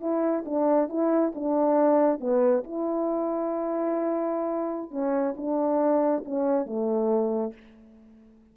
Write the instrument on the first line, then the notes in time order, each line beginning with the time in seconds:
horn
0.00 E4
0.45 D4
0.89 E4
1.35 D4
2.19 B3
2.64 E4
4.91 C#4
5.36 D4
6.25 C#4
6.65 A3